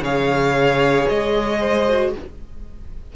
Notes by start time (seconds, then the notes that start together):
0.00 C#3 G#4 C#5 F5
1.08 G#3 D#5
1.59 C5
1.88 F#4